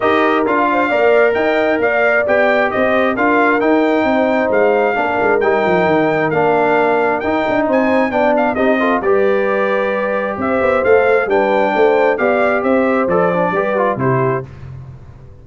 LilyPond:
<<
  \new Staff \with { instrumentName = "trumpet" } { \time 4/4 \tempo 4 = 133 dis''4 f''2 g''4 | f''4 g''4 dis''4 f''4 | g''2 f''2 | g''2 f''2 |
g''4 gis''4 g''8 f''8 dis''4 | d''2. e''4 | f''4 g''2 f''4 | e''4 d''2 c''4 | }
  \new Staff \with { instrumentName = "horn" } { \time 4/4 ais'4. c''8 d''4 dis''4 | d''2 c''4 ais'4~ | ais'4 c''2 ais'4~ | ais'1~ |
ais'4 c''4 d''4 g'8 a'8 | b'2. c''4~ | c''4 b'4 c''4 d''4 | c''2 b'4 g'4 | }
  \new Staff \with { instrumentName = "trombone" } { \time 4/4 g'4 f'4 ais'2~ | ais'4 g'2 f'4 | dis'2. d'4 | dis'2 d'2 |
dis'2 d'4 dis'8 f'8 | g'1 | a'4 d'2 g'4~ | g'4 a'8 d'8 g'8 f'8 e'4 | }
  \new Staff \with { instrumentName = "tuba" } { \time 4/4 dis'4 d'4 ais4 dis'4 | ais4 b4 c'4 d'4 | dis'4 c'4 gis4 ais8 gis8 | g8 f8 dis4 ais2 |
dis'8 d'8 c'4 b4 c'4 | g2. c'8 b8 | a4 g4 a4 b4 | c'4 f4 g4 c4 | }
>>